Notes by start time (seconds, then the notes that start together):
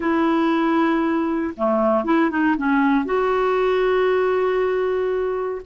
0.00 E4
1.56 A3
2.04 E4
2.30 D#4
2.57 C#4
3.05 F#4